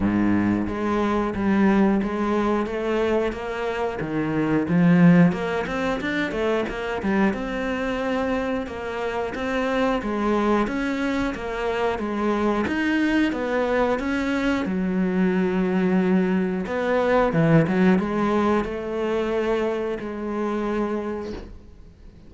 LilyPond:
\new Staff \with { instrumentName = "cello" } { \time 4/4 \tempo 4 = 90 gis,4 gis4 g4 gis4 | a4 ais4 dis4 f4 | ais8 c'8 d'8 a8 ais8 g8 c'4~ | c'4 ais4 c'4 gis4 |
cis'4 ais4 gis4 dis'4 | b4 cis'4 fis2~ | fis4 b4 e8 fis8 gis4 | a2 gis2 | }